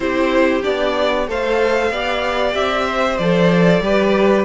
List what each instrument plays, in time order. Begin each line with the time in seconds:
0.00 cello C4, viola E4, violin G4 C5
0.62 cello B3, viola D4, violin D5
1.28 cello A3, viola A4, violin C5 F5
1.90 cello B3, viola G4, violin D5
2.54 cello C4, violin E5
2.86 violin C5
3.17 cello F3, viola A4, violin D5
3.80 cello G3, viola G4, violin B4